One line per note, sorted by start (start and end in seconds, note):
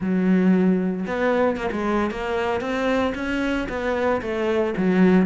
0.00 1.06 F#3
1.06 1.56 B3
1.56 1.70 A#3
1.71 2.11 G#3
2.11 2.60 A#3
2.60 3.13 C4
3.15 3.67 C#4
3.68 4.21 B3
4.21 4.74 A3
4.77 5.26 F#3